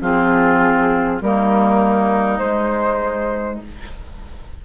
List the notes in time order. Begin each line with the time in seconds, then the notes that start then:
0.00 F3 C4 F4 G#4
1.20 G3 A#3 D#4 A#4
2.38 G#3 C5